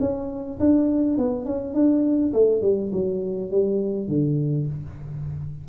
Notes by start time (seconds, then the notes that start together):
0.00 C#4
0.60 D4
1.18 B3
1.45 C#4
1.74 D4
2.34 A3
2.62 G3
2.93 F#3
3.51 G3
4.08 D3